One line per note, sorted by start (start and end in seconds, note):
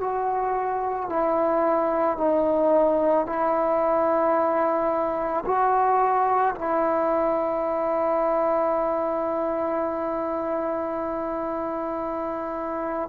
0.00 1.09 F#4
1.09 2.17 E4
2.17 3.26 D#4
3.26 5.44 E4
5.45 6.54 F#4
6.55 13.09 E4